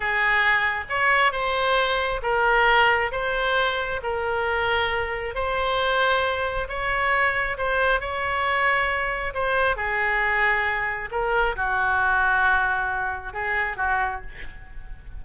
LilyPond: \new Staff \with { instrumentName = "oboe" } { \time 4/4 \tempo 4 = 135 gis'2 cis''4 c''4~ | c''4 ais'2 c''4~ | c''4 ais'2. | c''2. cis''4~ |
cis''4 c''4 cis''2~ | cis''4 c''4 gis'2~ | gis'4 ais'4 fis'2~ | fis'2 gis'4 fis'4 | }